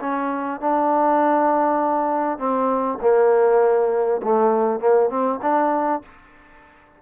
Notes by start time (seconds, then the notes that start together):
0.00 C#4
0.60 D4
2.38 C4
3.01 A#3
4.22 A3
4.80 A#3
5.09 C4
5.42 D4